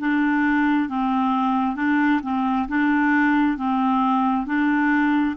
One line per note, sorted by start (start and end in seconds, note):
0.00 0.89 D4
0.89 1.76 C4
1.76 2.21 D4
2.23 2.68 C4
2.69 3.58 D4
3.58 4.47 C4
4.47 5.36 D4